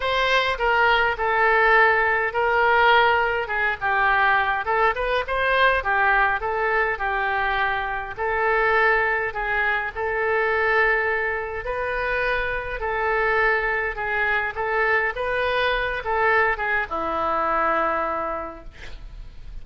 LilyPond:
\new Staff \with { instrumentName = "oboe" } { \time 4/4 \tempo 4 = 103 c''4 ais'4 a'2 | ais'2 gis'8 g'4. | a'8 b'8 c''4 g'4 a'4 | g'2 a'2 |
gis'4 a'2. | b'2 a'2 | gis'4 a'4 b'4. a'8~ | a'8 gis'8 e'2. | }